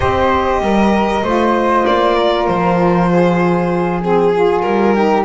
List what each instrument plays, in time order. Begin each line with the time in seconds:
0.00 double bass C4, saxophone G4, flute C5, violin D#5
0.60 double bass G3, flute A#4
1.23 double bass A3, saxophone F4, flute C5
1.86 double bass A#3, violin D5
2.16 flute A#4
2.47 double bass F3, violin C5
3.12 flute G#4
4.01 saxophone C4, violin G#4
4.34 saxophone F4
4.61 double bass G3, violin A#4
4.95 saxophone D#4, flute G4